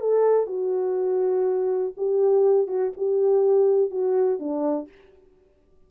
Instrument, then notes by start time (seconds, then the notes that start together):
horn
0.00 A4
0.46 F#4
1.96 G4
2.67 F#4
2.97 G4
3.90 F#4
4.39 D4